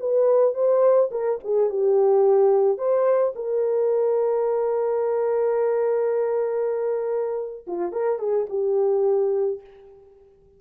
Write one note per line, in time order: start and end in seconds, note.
0.00 0.54 B4
0.54 1.10 C5
1.11 1.39 A#4
1.44 1.70 G#4
1.70 2.78 G4
2.78 3.33 C5
3.36 7.66 A#4
7.67 7.92 F4
7.92 8.19 A#4
8.19 8.47 G#4
8.50 9.61 G4